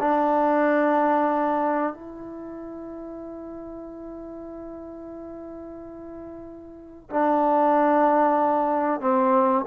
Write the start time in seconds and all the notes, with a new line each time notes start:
0.00 D4
1.94 E4
7.11 D4
9.01 C4